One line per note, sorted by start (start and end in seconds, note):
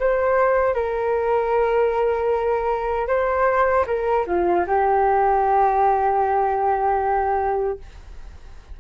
0.00 0.74 C5
0.74 3.08 A#4
3.08 3.86 C5
3.87 4.26 A#4
4.26 4.65 F4
4.68 7.79 G4